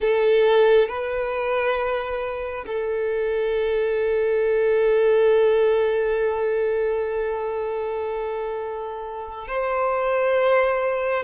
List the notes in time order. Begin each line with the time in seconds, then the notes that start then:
0.00 A4
0.88 B4
2.66 A4
9.47 C5